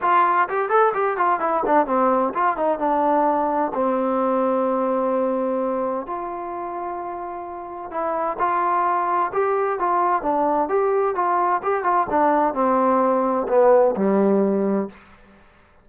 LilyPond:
\new Staff \with { instrumentName = "trombone" } { \time 4/4 \tempo 4 = 129 f'4 g'8 a'8 g'8 f'8 e'8 d'8 | c'4 f'8 dis'8 d'2 | c'1~ | c'4 f'2.~ |
f'4 e'4 f'2 | g'4 f'4 d'4 g'4 | f'4 g'8 f'8 d'4 c'4~ | c'4 b4 g2 | }